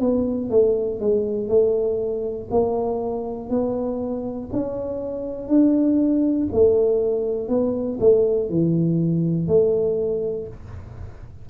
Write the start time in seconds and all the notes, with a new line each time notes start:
0.00 B3
0.50 A3
1.00 G#3
1.49 A3
2.50 A#3
3.50 B3
4.53 C#4
5.48 D4
6.52 A3
7.48 B3
8.00 A3
8.50 E3
9.48 A3